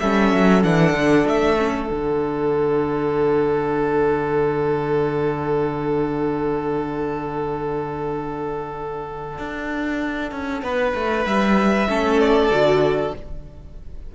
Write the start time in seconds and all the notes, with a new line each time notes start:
0.00 G3 C#4 A4 E5
0.33 F#3
0.64 E3 D4 F#5
0.93 D3
1.27 A3 E5
1.57 C#4
1.86 D3 D4 F#5
9.38 D4
10.32 C#4
10.62 B3 B4
10.95 A3
11.26 G3 E5
11.88 A3 C#4 A4
12.20 D5
12.51 D3 F#4